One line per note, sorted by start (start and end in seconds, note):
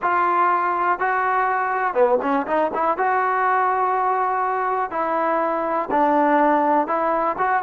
0.02 0.99 F4
0.99 1.93 F#4
1.93 2.18 B3
2.22 2.46 C#4
2.46 2.71 D#4
2.74 2.97 E4
2.97 4.90 F#4
4.90 5.89 E4
5.90 6.87 D4
6.87 7.36 E4
7.38 7.62 F#4